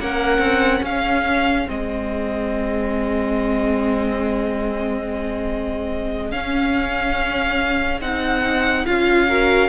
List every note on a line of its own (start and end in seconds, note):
0.00 0.39 A#3
0.00 1.67 C#4
0.00 0.83 A#4
0.00 0.85 F#5
0.39 0.81 C4
0.83 1.68 C#4
0.83 9.28 G#4
0.83 1.70 F5
1.67 6.32 G#3
1.67 6.32 C4
1.67 6.32 D#5
6.32 8.01 C#4
6.32 8.02 C#4
6.32 8.01 F5
8.02 8.86 C4
8.02 8.87 D#4
8.02 8.86 F#5
8.86 9.70 C#4
8.86 9.29 F4
8.86 9.70 F5
9.28 9.70 F#4
9.28 9.70 A#4